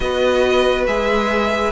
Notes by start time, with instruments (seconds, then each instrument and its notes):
0.00 cello B3, viola F#4, violin B4 D#5
0.86 cello G#3, viola G#4, violin E5